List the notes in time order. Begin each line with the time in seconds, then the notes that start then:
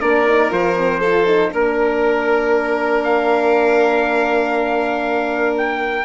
0.00 A#3 D4 A#4 D5
0.25 D#4
0.50 F3 F4 C5
0.76 C4
0.99 F4 A4
1.26 D#4
1.52 A#3 D4 A#4
3.04 F5
5.57 G5